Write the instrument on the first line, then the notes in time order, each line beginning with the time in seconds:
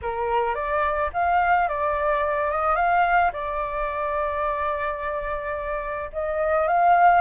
flute
0.02 A#4
0.55 D5
1.13 F5
1.68 D5
2.51 D#5
2.75 F5
3.32 D5
6.12 D#5
6.67 F5